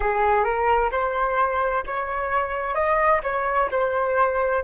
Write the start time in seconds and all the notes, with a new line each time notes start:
0.00 G#4
0.44 A#4
0.91 C5
1.86 C#5
2.74 D#5
3.23 C#5
3.71 C5